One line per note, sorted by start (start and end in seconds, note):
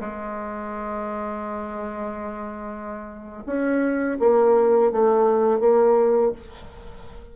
0.00 3.43 G#3
3.46 4.18 C#4
4.19 4.92 A#3
4.92 5.60 A3
5.60 6.32 A#3